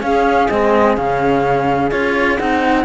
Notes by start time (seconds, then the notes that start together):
0.00 C#4 G#4 F5
0.48 G#3 C4 D#5
0.96 C#3 C#4 F5
1.90 C#4 F4 C#5
2.38 C4 D#4 F#5